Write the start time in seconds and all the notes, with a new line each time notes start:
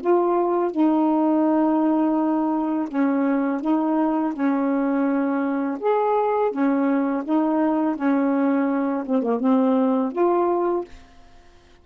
0.00 F4
0.71 D#4
2.88 C#4
3.61 D#4
4.33 C#4
5.80 G#4
6.51 C#4
7.24 D#4
7.96 C#4
9.06 C4
9.22 A#3
9.39 C4
10.12 F4